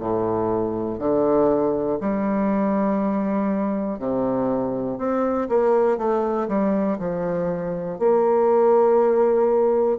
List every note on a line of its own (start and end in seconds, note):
0.00 0.99 A2
0.99 1.99 D3
2.00 3.99 G3
3.99 4.99 C3
4.99 5.49 C4
5.49 5.98 A#3
5.98 6.48 A3
6.49 6.99 G3
6.99 7.99 F3
7.99 9.99 A#3